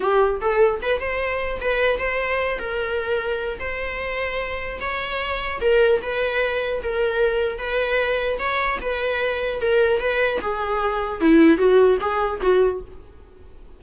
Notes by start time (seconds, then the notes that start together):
0.00 G4
0.41 A4
0.81 B4
1.00 C5
1.60 B4
1.99 C5
2.58 A#4
3.59 C5
4.80 C#5
5.60 A#4
6.01 B4
6.82 A#4
7.58 B4
8.38 C#5
8.81 B4
9.61 A#4
10.00 B4
10.41 G#4
11.20 E4
11.57 F#4
12.00 G#4
12.41 F#4